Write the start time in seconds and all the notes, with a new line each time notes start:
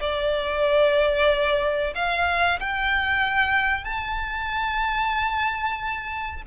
0.00 D5
1.95 F5
2.60 G5
3.84 A5